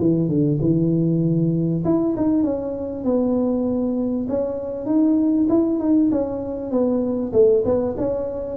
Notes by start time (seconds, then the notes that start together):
0.00 E3
0.29 D3
0.62 E3
1.85 E4
2.17 D#4
2.44 C#4
3.04 B3
4.29 C#4
4.86 D#4
5.50 E4
5.80 D#4
6.12 C#4
6.72 B3
7.33 A3
7.65 B3
7.98 C#4